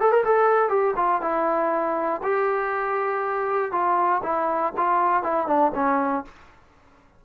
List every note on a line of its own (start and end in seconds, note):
0.00 0.11 A4
0.11 0.23 A#4
0.24 0.69 A4
0.69 0.94 G4
0.96 1.21 F4
1.21 2.21 E4
2.23 3.72 G4
3.72 4.22 F4
4.22 4.72 E4
4.76 5.23 F4
5.23 5.46 E4
5.46 5.71 D4
5.74 6.24 C#4